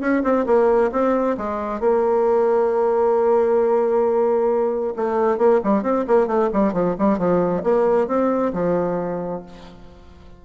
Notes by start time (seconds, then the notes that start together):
0.00 C#4
0.23 C4
0.46 A#3
0.91 C4
1.37 G#3
1.80 A#3
4.96 A3
5.38 A#3
5.64 G3
5.82 C4
6.07 A#3
6.27 A3
6.53 G3
6.73 F3
6.98 G3
7.18 F3
7.63 A#3
8.07 C4
8.53 F3